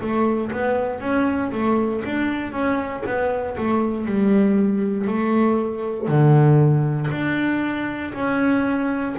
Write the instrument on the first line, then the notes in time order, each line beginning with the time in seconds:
double bass
0.00 A3
0.51 B3
1.00 C#4
1.51 A3
2.04 D4
2.52 C#4
3.05 B3
3.57 A3
4.05 G3
5.07 A3
6.07 D3
7.11 D4
8.14 C#4